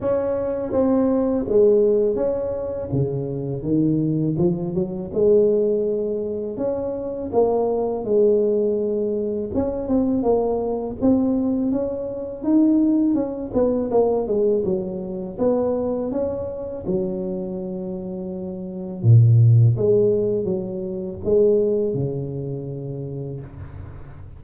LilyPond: \new Staff \with { instrumentName = "tuba" } { \time 4/4 \tempo 4 = 82 cis'4 c'4 gis4 cis'4 | cis4 dis4 f8 fis8 gis4~ | gis4 cis'4 ais4 gis4~ | gis4 cis'8 c'8 ais4 c'4 |
cis'4 dis'4 cis'8 b8 ais8 gis8 | fis4 b4 cis'4 fis4~ | fis2 ais,4 gis4 | fis4 gis4 cis2 | }